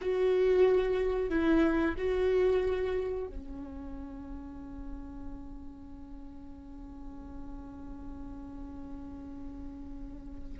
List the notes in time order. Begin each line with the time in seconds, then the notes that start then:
0.01 F#4
1.29 E4
1.97 F#4
3.27 C#4